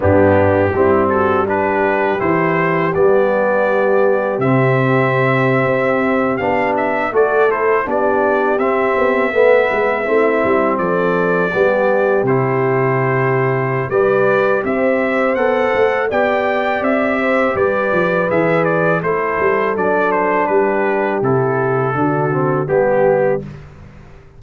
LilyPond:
<<
  \new Staff \with { instrumentName = "trumpet" } { \time 4/4 \tempo 4 = 82 g'4. a'8 b'4 c''4 | d''2 e''2~ | e''8. f''8 e''8 d''8 c''8 d''4 e''16~ | e''2~ e''8. d''4~ d''16~ |
d''8. c''2~ c''16 d''4 | e''4 fis''4 g''4 e''4 | d''4 e''8 d''8 c''4 d''8 c''8 | b'4 a'2 g'4 | }
  \new Staff \with { instrumentName = "horn" } { \time 4/4 d'4 e'8 fis'8 g'2~ | g'1~ | g'4.~ g'16 a'4 g'4~ g'16~ | g'8. b'4 e'4 a'4 g'16~ |
g'2. b'4 | c''2 d''4. c''8 | b'2 a'2 | g'2 fis'4 g'4 | }
  \new Staff \with { instrumentName = "trombone" } { \time 4/4 b4 c'4 d'4 e'4 | b2 c'2~ | c'8. d'4 fis'8 e'8 d'4 c'16~ | c'8. b4 c'2 b16~ |
b8. e'2~ e'16 g'4~ | g'4 a'4 g'2~ | g'4 gis'4 e'4 d'4~ | d'4 e'4 d'8 c'8 b4 | }
  \new Staff \with { instrumentName = "tuba" } { \time 4/4 g,4 g2 e4 | g2 c4.~ c16 c'16~ | c'8. b4 a4 b4 c'16~ | c'16 b8 a8 gis8 a8 g8 f4 g16~ |
g8. c2~ c16 g4 | c'4 b8 a8 b4 c'4 | g8 f8 e4 a8 g8 fis4 | g4 c4 d4 g4 | }
>>